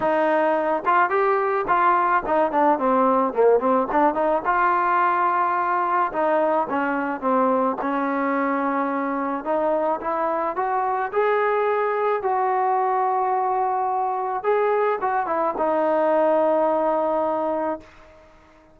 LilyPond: \new Staff \with { instrumentName = "trombone" } { \time 4/4 \tempo 4 = 108 dis'4. f'8 g'4 f'4 | dis'8 d'8 c'4 ais8 c'8 d'8 dis'8 | f'2. dis'4 | cis'4 c'4 cis'2~ |
cis'4 dis'4 e'4 fis'4 | gis'2 fis'2~ | fis'2 gis'4 fis'8 e'8 | dis'1 | }